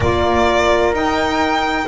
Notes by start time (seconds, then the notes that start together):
0.00 A#3 F4 A#4 D5
0.92 D#4 G5